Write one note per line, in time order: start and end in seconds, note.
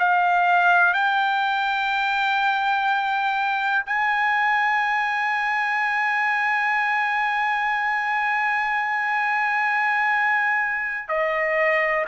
0.00 0.94 F5
0.94 3.84 G5
3.86 11.09 G#5
11.09 12.05 D#5